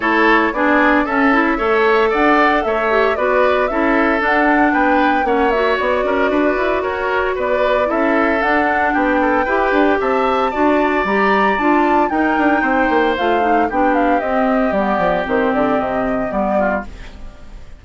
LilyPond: <<
  \new Staff \with { instrumentName = "flute" } { \time 4/4 \tempo 4 = 114 cis''4 d''4 e''2 | fis''4 e''4 d''4 e''4 | fis''4 g''4 fis''8 e''8 d''4~ | d''4 cis''4 d''4 e''4 |
fis''4 g''2 a''4~ | a''4 ais''4 a''4 g''4~ | g''4 f''4 g''8 f''8 dis''4 | d''4 c''8 d''8 dis''4 d''4 | }
  \new Staff \with { instrumentName = "oboe" } { \time 4/4 a'4 gis'4 a'4 cis''4 | d''4 cis''4 b'4 a'4~ | a'4 b'4 cis''4. ais'8 | b'4 ais'4 b'4 a'4~ |
a'4 g'8 a'8 b'4 e''4 | d''2. ais'4 | c''2 g'2~ | g'2.~ g'8 f'8 | }
  \new Staff \with { instrumentName = "clarinet" } { \time 4/4 e'4 d'4 cis'8 e'8 a'4~ | a'4. g'8 fis'4 e'4 | d'2 cis'8 fis'4.~ | fis'2. e'4 |
d'2 g'2 | fis'4 g'4 f'4 dis'4~ | dis'4 f'8 dis'8 d'4 c'4 | b4 c'2 b4 | }
  \new Staff \with { instrumentName = "bassoon" } { \time 4/4 a4 b4 cis'4 a4 | d'4 a4 b4 cis'4 | d'4 b4 ais4 b8 cis'8 | d'8 e'8 fis'4 b4 cis'4 |
d'4 b4 e'8 d'8 c'4 | d'4 g4 d'4 dis'8 d'8 | c'8 ais8 a4 b4 c'4 | g8 f8 dis8 d8 c4 g4 | }
>>